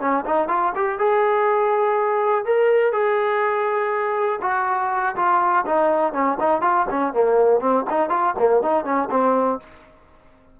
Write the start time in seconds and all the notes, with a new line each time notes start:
0.00 C#4
0.25 D#4
0.48 F4
0.75 G4
0.98 G#4
2.45 A#4
2.92 G#4
4.42 F#4
5.16 F4
5.66 D#4
6.13 C#4
6.40 D#4
6.61 F4
6.90 C#4
7.13 A#3
7.60 C4
7.90 D#4
8.09 F4
8.39 A#3
8.62 D#4
8.84 C#4
9.11 C4